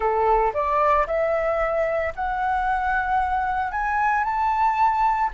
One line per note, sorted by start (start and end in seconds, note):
0.00 0.52 A4
0.53 1.06 D5
1.06 2.13 E5
2.15 3.71 F#5
3.71 4.24 G#5
4.24 5.30 A5